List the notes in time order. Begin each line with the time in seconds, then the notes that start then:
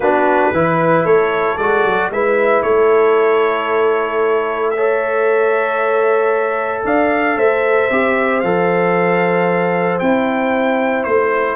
0.00 B3 D4 F#4 B4
0.51 E3 E4 B4
1.04 A3 A4 C#5
1.57 G#3 F#4 D5
1.84 F#3
2.09 G#3 E4 B4 E5
2.62 A3 A4 C#5
4.70 C#5 E5
4.76 A4
6.84 D4 D5 F5
7.36 A3 C5 E5
7.90 C4 G4
8.40 F3 A4 F5
9.99 C4 E4 G5
11.03 A3 C5